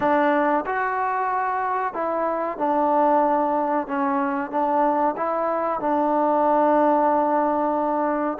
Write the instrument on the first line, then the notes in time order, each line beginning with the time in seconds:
trombone
0.00 D4
0.66 F#4
1.93 E4
2.58 D4
3.87 C#4
4.50 D4
5.16 E4
5.80 D4